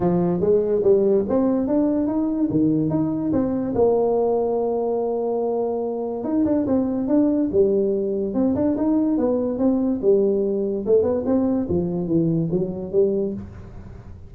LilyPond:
\new Staff \with { instrumentName = "tuba" } { \time 4/4 \tempo 4 = 144 f4 gis4 g4 c'4 | d'4 dis'4 dis4 dis'4 | c'4 ais2.~ | ais2. dis'8 d'8 |
c'4 d'4 g2 | c'8 d'8 dis'4 b4 c'4 | g2 a8 b8 c'4 | f4 e4 fis4 g4 | }